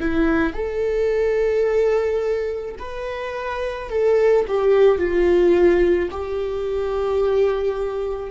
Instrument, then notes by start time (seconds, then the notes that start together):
viola
0.00 E4
0.53 A4
2.78 B4
3.89 A4
4.47 G4
4.98 F4
6.11 G4